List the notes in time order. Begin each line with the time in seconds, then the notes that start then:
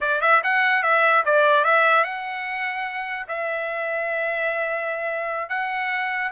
0.00 D5
0.21 E5
0.43 F#5
0.82 E5
1.25 D5
1.64 E5
2.03 F#5
3.28 E5
5.49 F#5